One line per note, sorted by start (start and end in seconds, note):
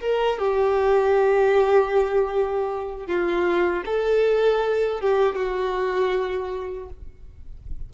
0.00 0.38 A#4
0.38 3.07 G4
3.07 3.84 F4
3.85 5.00 A4
5.00 5.35 G4
5.35 6.89 F#4